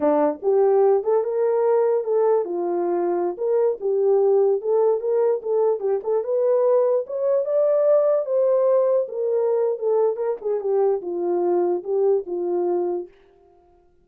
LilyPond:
\new Staff \with { instrumentName = "horn" } { \time 4/4 \tempo 4 = 147 d'4 g'4. a'8 ais'4~ | ais'4 a'4 f'2~ | f'16 ais'4 g'2 a'8.~ | a'16 ais'4 a'4 g'8 a'8 b'8.~ |
b'4~ b'16 cis''4 d''4.~ d''16~ | d''16 c''2 ais'4.~ ais'16 | a'4 ais'8 gis'8 g'4 f'4~ | f'4 g'4 f'2 | }